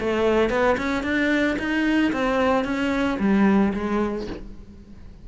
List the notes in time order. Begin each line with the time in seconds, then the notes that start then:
0.00 A3
0.50 B3
0.78 C#4
1.04 D4
1.59 D#4
2.13 C4
2.65 C#4
3.19 G3
3.74 G#3